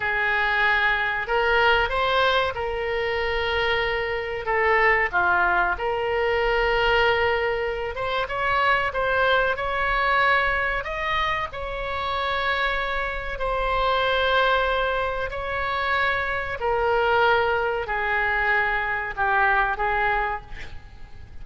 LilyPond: \new Staff \with { instrumentName = "oboe" } { \time 4/4 \tempo 4 = 94 gis'2 ais'4 c''4 | ais'2. a'4 | f'4 ais'2.~ | ais'8 c''8 cis''4 c''4 cis''4~ |
cis''4 dis''4 cis''2~ | cis''4 c''2. | cis''2 ais'2 | gis'2 g'4 gis'4 | }